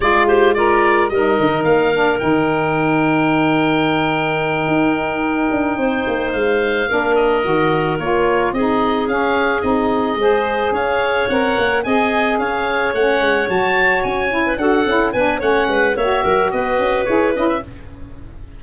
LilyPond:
<<
  \new Staff \with { instrumentName = "oboe" } { \time 4/4 \tempo 4 = 109 d''8 c''8 d''4 dis''4 f''4 | g''1~ | g''2.~ g''8 f''8~ | f''4 dis''4. cis''4 dis''8~ |
dis''8 f''4 dis''2 f''8~ | f''8 fis''4 gis''4 f''4 fis''8~ | fis''8 a''4 gis''4 fis''4 gis''8 | fis''4 e''4 dis''4 cis''8 dis''16 e''16 | }
  \new Staff \with { instrumentName = "clarinet" } { \time 4/4 gis'8 g'8 f'4 ais'2~ | ais'1~ | ais'2~ ais'8 c''4.~ | c''8 ais'2. gis'8~ |
gis'2~ gis'8 c''4 cis''8~ | cis''4. dis''4 cis''4.~ | cis''2~ cis''16 b'16 a'4 b'8 | cis''8 b'8 cis''8 ais'8 b'2 | }
  \new Staff \with { instrumentName = "saxophone" } { \time 4/4 f'4 ais'4 dis'4. d'8 | dis'1~ | dis'1~ | dis'8 d'4 fis'4 f'4 dis'8~ |
dis'8 cis'4 dis'4 gis'4.~ | gis'8 ais'4 gis'2 cis'8~ | cis'8 fis'4. e'8 fis'8 e'8 d'8 | cis'4 fis'2 gis'8 e'8 | }
  \new Staff \with { instrumentName = "tuba" } { \time 4/4 gis2 g8 dis8 ais4 | dis1~ | dis8 dis'4. d'8 c'8 ais8 gis8~ | gis8 ais4 dis4 ais4 c'8~ |
c'8 cis'4 c'4 gis4 cis'8~ | cis'8 c'8 ais8 c'4 cis'4 a8 | gis8 fis4 cis'4 d'8 cis'8 b8 | a8 gis8 ais8 fis8 b8 cis'8 e'8 cis'8 | }
>>